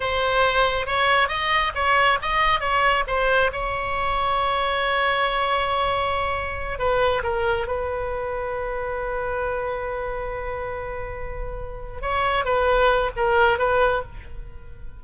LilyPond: \new Staff \with { instrumentName = "oboe" } { \time 4/4 \tempo 4 = 137 c''2 cis''4 dis''4 | cis''4 dis''4 cis''4 c''4 | cis''1~ | cis''2.~ cis''8 b'8~ |
b'8 ais'4 b'2~ b'8~ | b'1~ | b'2.~ b'8 cis''8~ | cis''8 b'4. ais'4 b'4 | }